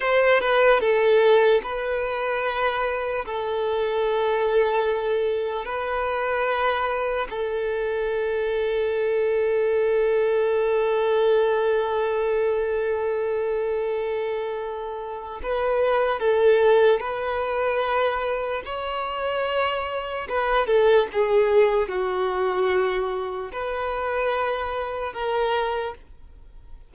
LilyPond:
\new Staff \with { instrumentName = "violin" } { \time 4/4 \tempo 4 = 74 c''8 b'8 a'4 b'2 | a'2. b'4~ | b'4 a'2.~ | a'1~ |
a'2. b'4 | a'4 b'2 cis''4~ | cis''4 b'8 a'8 gis'4 fis'4~ | fis'4 b'2 ais'4 | }